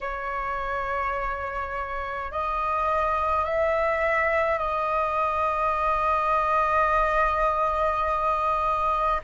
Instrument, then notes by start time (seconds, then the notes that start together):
flute
0.01 C#5
2.31 D#5
3.45 E5
4.58 D#5